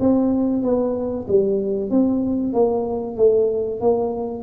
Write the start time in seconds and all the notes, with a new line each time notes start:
0.00 C4
0.63 B3
1.28 G3
1.91 C4
2.54 A#3
3.17 A3
3.81 A#3